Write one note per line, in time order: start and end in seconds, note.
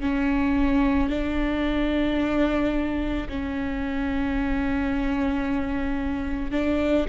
0.00 1.09 C#4
1.09 3.27 D4
3.28 6.51 C#4
6.51 7.06 D4